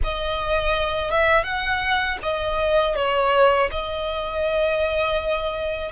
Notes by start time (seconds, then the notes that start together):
0.03 D#5
1.10 E5
1.43 F#5
2.22 D#5
2.95 C#5
3.71 D#5